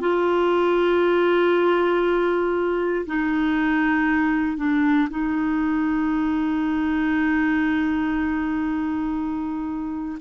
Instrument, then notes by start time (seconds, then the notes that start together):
clarinet
0.00 F4
3.06 D#4
4.57 D4
5.10 D#4